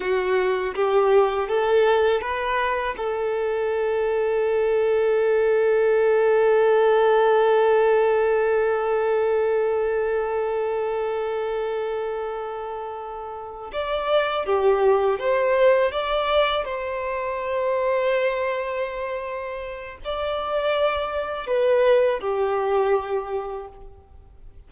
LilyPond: \new Staff \with { instrumentName = "violin" } { \time 4/4 \tempo 4 = 81 fis'4 g'4 a'4 b'4 | a'1~ | a'1~ | a'1~ |
a'2~ a'8 d''4 g'8~ | g'8 c''4 d''4 c''4.~ | c''2. d''4~ | d''4 b'4 g'2 | }